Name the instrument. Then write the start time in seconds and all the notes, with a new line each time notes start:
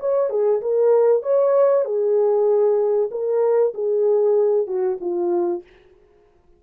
horn
0.00 C#5
0.30 G#4
0.61 A#4
1.22 C#5
1.85 G#4
3.11 A#4
3.74 G#4
4.67 F#4
5.01 F4